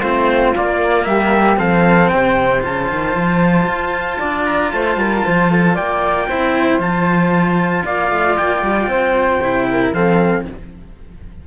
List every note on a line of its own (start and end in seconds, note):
0.00 0.52 A3
0.00 0.55 C4
0.00 1.06 F4
0.00 0.53 C5
0.55 1.56 A#3
0.55 1.06 A#3
0.55 1.04 D5
1.04 1.58 G3
1.04 1.59 G4
1.04 1.56 E5
1.56 2.10 F3
1.56 2.61 C4
1.56 2.11 A4
1.56 2.08 F5
2.08 2.65 C3
2.08 4.19 C5
2.08 2.61 G5
2.61 2.91 C#3
2.61 6.27 F4
2.61 4.46 A5
2.91 3.15 D#3
3.15 3.67 F3
3.67 4.19 F4
4.19 4.72 D4
4.19 4.71 D5
4.46 4.72 A#5
4.72 4.96 A3
4.72 4.99 C5
4.72 5.76 A5
4.96 5.22 G3
4.96 5.25 A#4
5.25 5.78 F3
5.25 5.50 C5
5.50 5.74 A4
5.74 6.30 A#3
5.74 6.26 D5
5.74 6.80 G5
6.28 6.78 C4
6.28 6.80 E4
6.28 7.84 C5
6.78 7.83 F3
6.78 9.41 F4
6.78 7.86 A5
7.85 8.11 A#3
7.85 8.89 D5
7.85 8.37 F5
8.11 8.37 A3
8.37 8.62 A#3
8.37 9.93 G5
8.62 8.87 G3
8.87 9.39 C4
8.87 9.68 C5
9.41 9.92 C3
9.41 9.94 E4
9.71 9.94 A#4
9.92 10.44 F3
9.92 10.47 C4
9.92 10.47 A4
9.92 10.45 F5